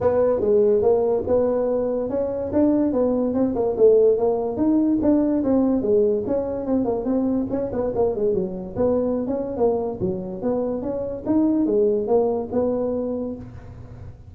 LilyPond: \new Staff \with { instrumentName = "tuba" } { \time 4/4 \tempo 4 = 144 b4 gis4 ais4 b4~ | b4 cis'4 d'4 b4 | c'8 ais8 a4 ais4 dis'4 | d'4 c'4 gis4 cis'4 |
c'8 ais8 c'4 cis'8 b8 ais8 gis8 | fis4 b4~ b16 cis'8. ais4 | fis4 b4 cis'4 dis'4 | gis4 ais4 b2 | }